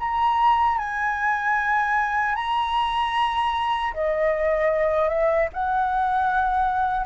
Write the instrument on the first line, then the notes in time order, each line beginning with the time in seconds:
flute
0.00 A#5
0.79 G#5
2.36 A#5
3.94 D#5
5.09 E5
5.54 F#5